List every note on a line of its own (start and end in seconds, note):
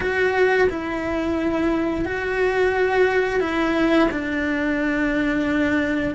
0.00 0.68 F#4
0.69 2.05 E4
2.05 3.40 F#4
3.40 4.08 E4
4.11 6.14 D4